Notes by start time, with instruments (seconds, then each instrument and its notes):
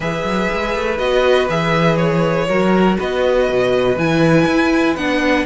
0.00 cello E3, viola G#4, violin B4 E5
0.23 cello F#3
0.52 cello G#3
0.75 cello A3
0.98 cello B3, viola F#4, violin D#5
1.49 cello E3, viola G#4, violin E5
1.96 violin C#5
2.48 cello F#3, viola F#4, violin A#4
2.98 cello B3, violin B4 D#5
3.48 cello B2
3.96 cello E3, viola E4, violin G#5
4.46 cello E4
4.96 cello B3, viola D4, violin F#5